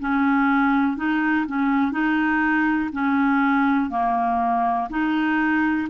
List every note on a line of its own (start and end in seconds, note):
0.00 0.97 C#4
0.97 1.46 D#4
1.47 1.92 C#4
1.92 2.90 D#4
2.92 3.90 C#4
3.90 4.89 A#3
4.90 5.88 D#4